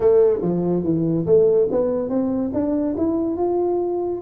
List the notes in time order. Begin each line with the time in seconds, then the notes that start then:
0.00 A3
0.41 F3
0.83 E3
1.25 A3
1.71 B3
2.09 C4
2.53 D4
2.97 E4
3.36 F4